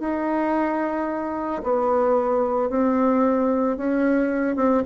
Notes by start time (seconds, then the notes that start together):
0.00 D#4
1.64 B3
2.70 C4
3.77 C#4
4.57 C4